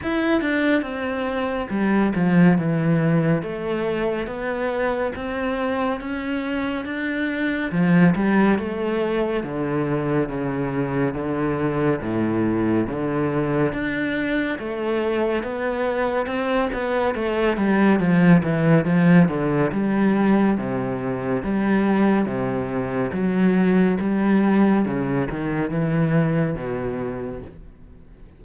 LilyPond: \new Staff \with { instrumentName = "cello" } { \time 4/4 \tempo 4 = 70 e'8 d'8 c'4 g8 f8 e4 | a4 b4 c'4 cis'4 | d'4 f8 g8 a4 d4 | cis4 d4 a,4 d4 |
d'4 a4 b4 c'8 b8 | a8 g8 f8 e8 f8 d8 g4 | c4 g4 c4 fis4 | g4 cis8 dis8 e4 b,4 | }